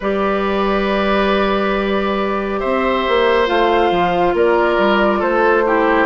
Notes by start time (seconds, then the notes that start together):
0.00 G3 G4 B4 D5
2.59 C4 C5 E5
3.08 A#3
3.46 A3 F4 F5
3.91 F3
4.33 A#3 A#4 D5
4.78 G3
5.19 A3 A4 C5
5.66 E4 G4